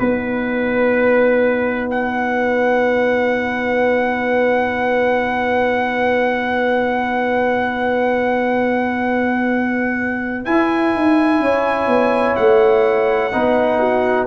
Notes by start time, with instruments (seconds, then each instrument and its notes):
0.00 tuba B3, trombone D#4, trumpet B4, horn B4
1.91 trumpet F#5
10.45 trombone E4, tuba E4, trumpet G#5
10.95 tuba D#4
11.40 tuba C#4, horn C#5
11.87 tuba B3
12.36 tuba A3, trumpet F#5
13.33 tuba B3, trombone D#4, horn B4
13.80 horn F#4